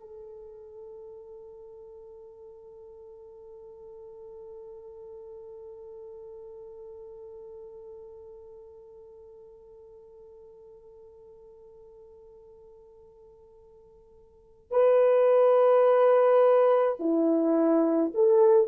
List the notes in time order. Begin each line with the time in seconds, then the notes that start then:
0.00 A4
14.71 B4
17.00 E4
18.14 A4